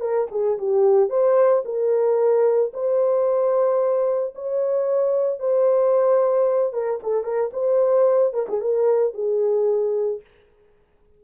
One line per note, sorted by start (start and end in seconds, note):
0.00 0.27 A#4
0.30 0.57 G#4
0.58 1.09 G4
1.09 1.62 C5
1.65 2.72 A#4
2.73 4.34 C5
4.35 5.39 C#5
5.39 6.73 C5
6.73 6.99 A#4
7.03 7.23 A4
7.23 7.50 A#4
7.53 8.33 C5
8.33 8.46 A#4
8.48 8.61 G#4
8.61 9.13 A#4
9.13 10.21 G#4